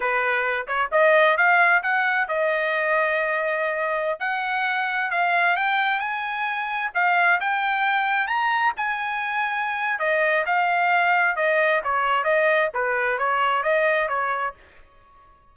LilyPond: \new Staff \with { instrumentName = "trumpet" } { \time 4/4 \tempo 4 = 132 b'4. cis''8 dis''4 f''4 | fis''4 dis''2.~ | dis''4~ dis''16 fis''2 f''8.~ | f''16 g''4 gis''2 f''8.~ |
f''16 g''2 ais''4 gis''8.~ | gis''2 dis''4 f''4~ | f''4 dis''4 cis''4 dis''4 | b'4 cis''4 dis''4 cis''4 | }